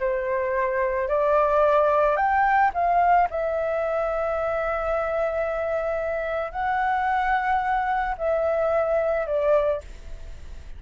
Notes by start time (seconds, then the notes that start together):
0.00 C5
1.09 D5
2.17 G5
2.74 F5
3.31 E5
6.52 F#5
8.18 E5
9.27 D5